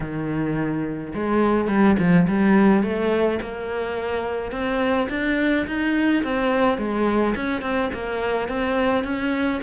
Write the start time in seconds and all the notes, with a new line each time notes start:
0.00 D#3
1.14 G#3
1.68 G3
1.99 F3
2.28 G3
2.83 A3
3.41 A#3
4.51 C4
5.09 D4
5.66 D#4
6.23 C4
6.77 G#3
7.35 C#4
7.61 C4
7.93 A#3
8.48 C4
9.04 C#4